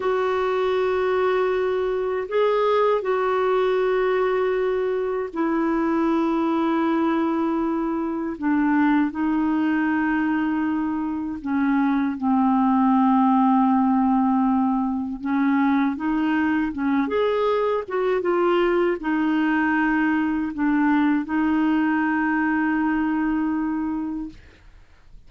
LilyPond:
\new Staff \with { instrumentName = "clarinet" } { \time 4/4 \tempo 4 = 79 fis'2. gis'4 | fis'2. e'4~ | e'2. d'4 | dis'2. cis'4 |
c'1 | cis'4 dis'4 cis'8 gis'4 fis'8 | f'4 dis'2 d'4 | dis'1 | }